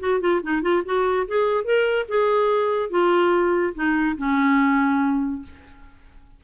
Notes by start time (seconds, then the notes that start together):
0.00 F#4
0.21 F4
0.43 D#4
0.63 F4
0.86 F#4
1.28 G#4
1.65 A#4
2.09 G#4
2.91 F4
3.75 D#4
4.18 C#4